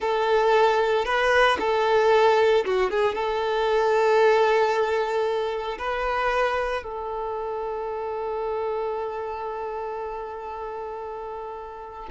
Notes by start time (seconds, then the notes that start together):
0.00 A4
1.05 B4
1.59 A4
2.65 F#4
2.90 G#4
3.14 A4
5.78 B4
6.83 A4